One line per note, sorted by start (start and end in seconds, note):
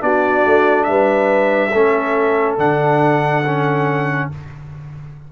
0.00 0.45 B3
0.00 1.71 D4
0.00 0.89 F#4
0.00 0.84 D5
0.46 0.88 A3
0.84 1.74 G3
0.84 1.73 B4
0.84 2.55 E5
1.73 2.58 A3
1.73 2.58 C#4
1.73 4.30 A4
2.58 4.29 D3
2.58 3.44 D4
2.58 4.31 F#5
3.46 4.32 C#4